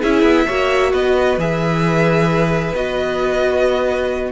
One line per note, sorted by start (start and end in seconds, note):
0.00 0.22 C#4
0.00 0.48 E4
0.00 0.45 G#4
0.00 0.92 E5
0.22 0.44 B3
0.45 0.92 A#3
0.45 1.38 F#4
0.45 0.91 C#5
0.92 1.37 B3
0.92 4.30 B4
0.92 1.38 D#5
1.37 2.72 E3
1.37 2.74 G#4
1.37 2.75 E5
2.74 4.31 B3
2.74 4.31 F#4
2.74 4.31 D#5